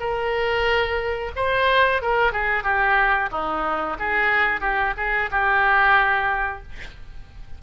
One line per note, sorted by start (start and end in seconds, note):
0.00 1.32 A#4
1.36 2.02 C5
2.02 2.33 A#4
2.33 2.64 G#4
2.64 3.30 G4
3.32 3.98 D#4
4.00 4.61 G#4
4.61 4.94 G4
4.98 5.30 G#4
5.31 6.63 G4